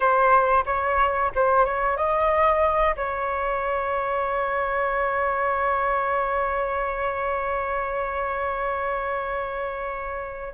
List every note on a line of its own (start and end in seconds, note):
0.00 0.64 C5
0.65 1.31 C#5
1.35 1.65 C5
1.65 1.96 C#5
1.96 2.95 D#5
2.96 10.53 C#5